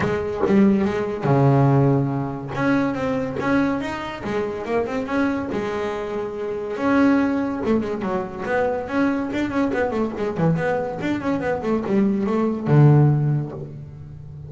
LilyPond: \new Staff \with { instrumentName = "double bass" } { \time 4/4 \tempo 4 = 142 gis4 g4 gis4 cis4~ | cis2 cis'4 c'4 | cis'4 dis'4 gis4 ais8 c'8 | cis'4 gis2. |
cis'2 a8 gis8 fis4 | b4 cis'4 d'8 cis'8 b8 a8 | gis8 e8 b4 d'8 cis'8 b8 a8 | g4 a4 d2 | }